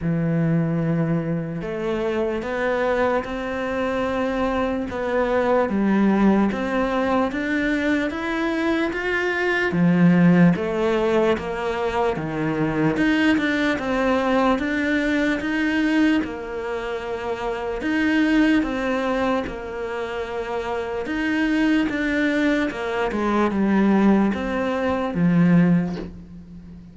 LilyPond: \new Staff \with { instrumentName = "cello" } { \time 4/4 \tempo 4 = 74 e2 a4 b4 | c'2 b4 g4 | c'4 d'4 e'4 f'4 | f4 a4 ais4 dis4 |
dis'8 d'8 c'4 d'4 dis'4 | ais2 dis'4 c'4 | ais2 dis'4 d'4 | ais8 gis8 g4 c'4 f4 | }